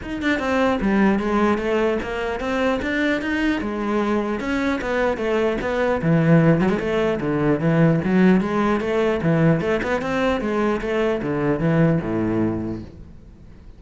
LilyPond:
\new Staff \with { instrumentName = "cello" } { \time 4/4 \tempo 4 = 150 dis'8 d'8 c'4 g4 gis4 | a4 ais4 c'4 d'4 | dis'4 gis2 cis'4 | b4 a4 b4 e4~ |
e8 fis16 gis16 a4 d4 e4 | fis4 gis4 a4 e4 | a8 b8 c'4 gis4 a4 | d4 e4 a,2 | }